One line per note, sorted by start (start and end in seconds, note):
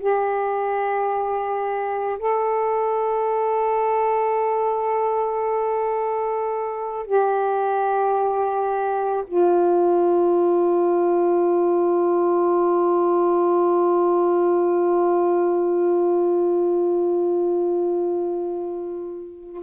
0.00 2.18 G4
2.19 7.06 A4
7.06 9.24 G4
9.27 19.63 F4